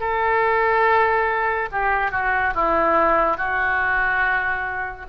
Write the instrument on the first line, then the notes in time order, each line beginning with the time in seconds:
oboe
0.00 A4
1.71 G4
2.11 F#4
2.55 E4
3.37 F#4